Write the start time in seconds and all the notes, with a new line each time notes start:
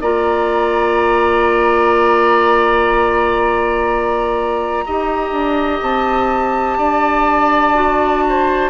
0.00 A#3 F4 D5 A#5
4.86 D#4 G4 D#5
5.31 D4
5.81 C4 A5
6.78 D4 D5
7.74 F#4
8.29 C5